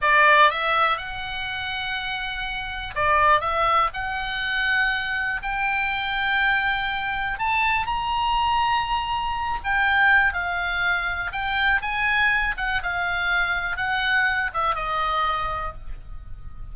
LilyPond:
\new Staff \with { instrumentName = "oboe" } { \time 4/4 \tempo 4 = 122 d''4 e''4 fis''2~ | fis''2 d''4 e''4 | fis''2. g''4~ | g''2. a''4 |
ais''2.~ ais''8 g''8~ | g''4 f''2 g''4 | gis''4. fis''8 f''2 | fis''4. e''8 dis''2 | }